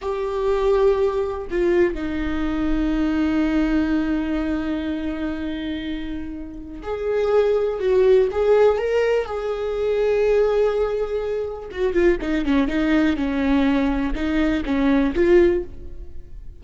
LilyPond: \new Staff \with { instrumentName = "viola" } { \time 4/4 \tempo 4 = 123 g'2. f'4 | dis'1~ | dis'1~ | dis'2 gis'2 |
fis'4 gis'4 ais'4 gis'4~ | gis'1 | fis'8 f'8 dis'8 cis'8 dis'4 cis'4~ | cis'4 dis'4 cis'4 f'4 | }